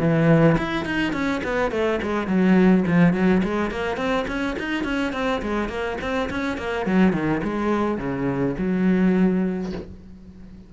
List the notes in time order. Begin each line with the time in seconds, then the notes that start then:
0.00 E3
0.58 E4
0.86 D#4
1.13 C#4
1.44 B3
1.71 A3
2.03 G#3
2.28 F#3
2.88 F3
3.14 F#3
3.44 G#3
3.71 A#3
3.97 C4
4.28 C#4
4.59 D#4
4.85 C#4
5.14 C4
5.42 G#3
5.69 A#3
6.02 C4
6.30 C#4
6.58 A#3
6.86 F#3
7.14 D#3
7.44 G#3
7.98 C#3
8.59 F#3